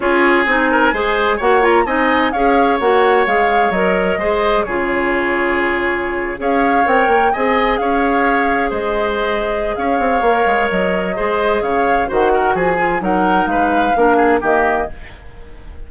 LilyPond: <<
  \new Staff \with { instrumentName = "flute" } { \time 4/4 \tempo 4 = 129 cis''4 gis''2 fis''8 ais''8 | gis''4 f''4 fis''4 f''4 | dis''2 cis''2~ | cis''4.~ cis''16 f''4 g''4 gis''16~ |
gis''8. f''2 dis''4~ dis''16~ | dis''4 f''2 dis''4~ | dis''4 f''4 fis''4 gis''4 | fis''4 f''2 dis''4 | }
  \new Staff \with { instrumentName = "oboe" } { \time 4/4 gis'4. ais'8 c''4 cis''4 | dis''4 cis''2.~ | cis''4 c''4 gis'2~ | gis'4.~ gis'16 cis''2 dis''16~ |
dis''8. cis''2 c''4~ c''16~ | c''4 cis''2. | c''4 cis''4 c''8 ais'8 gis'4 | ais'4 b'4 ais'8 gis'8 g'4 | }
  \new Staff \with { instrumentName = "clarinet" } { \time 4/4 f'4 dis'4 gis'4 fis'8 f'8 | dis'4 gis'4 fis'4 gis'4 | ais'4 gis'4 f'2~ | f'4.~ f'16 gis'4 ais'4 gis'16~ |
gis'1~ | gis'2 ais'2 | gis'2 fis'4. f'8 | dis'2 d'4 ais4 | }
  \new Staff \with { instrumentName = "bassoon" } { \time 4/4 cis'4 c'4 gis4 ais4 | c'4 cis'4 ais4 gis4 | fis4 gis4 cis2~ | cis4.~ cis16 cis'4 c'8 ais8 c'16~ |
c'8. cis'2 gis4~ gis16~ | gis4 cis'8 c'8 ais8 gis8 fis4 | gis4 cis4 dis4 f4 | fis4 gis4 ais4 dis4 | }
>>